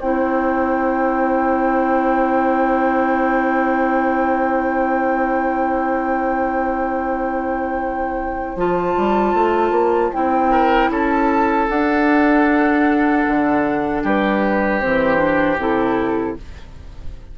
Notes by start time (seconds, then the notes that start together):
0.00 C4 E4 C5 G5
8.56 F3 F4 A5
8.97 G3
9.34 A3
9.71 A#3
10.13 C4 E4 G5
10.51 A#4
10.90 C#4 A4 A5
11.69 D4 F#5
13.27 D3
14.03 G3 G4 B4
14.81 E3 C4 C5
15.17 D4
15.57 C3 E4 A4